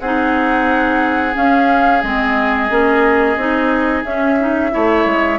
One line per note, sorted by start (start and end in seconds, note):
0.00 1.35 C4
0.00 1.34 D#4
0.00 4.72 G#4
0.00 1.35 F#5
1.34 2.01 C#4
1.34 2.03 C#4
1.34 2.02 F5
2.02 2.70 G#3
2.02 2.70 C4
2.02 4.04 D#5
2.70 3.36 A#3
2.70 3.37 C#4
3.36 4.04 C4
3.36 4.04 D#4
4.04 4.72 C#4
4.04 4.38 C#4
4.04 5.39 E5
4.40 4.71 D#4
4.71 5.05 A3
4.71 5.38 E4
4.71 5.39 C#5
5.05 5.39 G#3